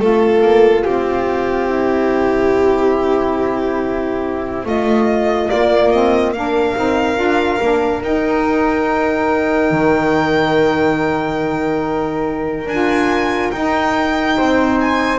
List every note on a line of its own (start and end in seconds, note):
0.00 0.42 A3
0.00 5.46 C4
0.00 1.69 F4
0.00 0.84 A4
0.42 0.84 A#3
0.84 4.65 C4
0.84 4.64 G4
1.69 4.65 E4
4.65 5.49 A3
4.65 6.34 F4
4.65 5.49 D#5
5.46 5.88 A#3
5.46 6.76 A#3
5.46 5.91 D5
5.91 6.35 C4
5.91 6.33 D#5
6.33 6.76 D4
6.33 14.37 A#4
6.33 8.02 F5
6.76 7.17 C4
6.76 7.16 D#4
7.16 7.60 D4
7.16 7.58 F4
7.61 8.02 A#3
7.61 8.02 D4
8.02 12.67 D#4
8.02 9.71 D#4
8.02 12.68 G5
9.71 12.66 D#3
12.66 13.51 D4
12.66 13.53 F4
12.66 13.51 G#5
13.51 14.37 D#4
13.51 15.19 D#4
13.51 14.78 G5
14.37 15.19 C4
14.37 15.19 C5
14.81 15.19 G#5